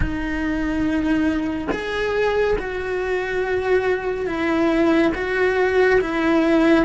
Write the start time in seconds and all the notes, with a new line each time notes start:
0.00 D#4
1.71 G#4
2.58 F#4
4.26 E4
5.14 F#4
6.00 E4